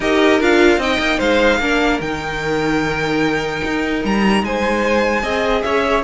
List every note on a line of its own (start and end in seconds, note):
0.00 0.40 D#4
0.00 0.41 G4
0.00 0.78 A#4
0.00 0.41 D#5
0.40 0.77 D4
0.40 0.80 F4
0.40 0.82 F5
0.77 0.97 C4
0.77 1.60 D#4
0.77 1.18 D#5
0.77 1.19 G5
0.99 1.19 A#3
1.18 1.59 G#3
1.18 1.58 C5
1.18 2.00 F5
1.59 1.99 A#3
1.59 2.01 D4
1.59 4.44 A#4
2.00 3.61 D#3
2.00 5.22 D#4
2.00 4.02 G5
3.64 4.04 D#4
4.04 4.42 G3
4.04 4.44 A#5
4.42 5.22 G#3
4.42 5.23 C5
4.42 5.62 G#5
5.22 5.63 C4
5.22 6.03 G#4
5.22 5.63 D#5
5.62 6.03 C#4
5.62 6.03 C#5
5.62 6.02 E5